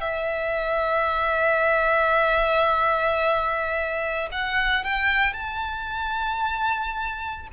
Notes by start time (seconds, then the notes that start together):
0.00 E5
4.31 F#5
4.84 G5
5.33 A5